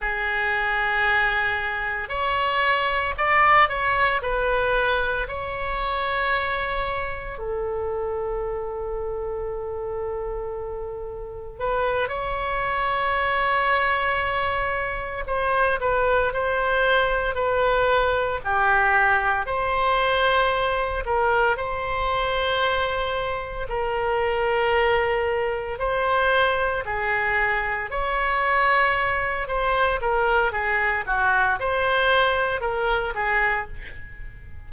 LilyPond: \new Staff \with { instrumentName = "oboe" } { \time 4/4 \tempo 4 = 57 gis'2 cis''4 d''8 cis''8 | b'4 cis''2 a'4~ | a'2. b'8 cis''8~ | cis''2~ cis''8 c''8 b'8 c''8~ |
c''8 b'4 g'4 c''4. | ais'8 c''2 ais'4.~ | ais'8 c''4 gis'4 cis''4. | c''8 ais'8 gis'8 fis'8 c''4 ais'8 gis'8 | }